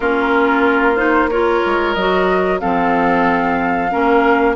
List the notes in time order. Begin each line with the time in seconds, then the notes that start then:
0.00 A#3 C#4 F4 A#4
0.96 D#4 C5
1.29 F4 A#4 C#5
1.65 G#3
1.94 F#3 F#4 D#5
2.60 F3 C4 A4 F5
3.90 A#3 C#4 A#4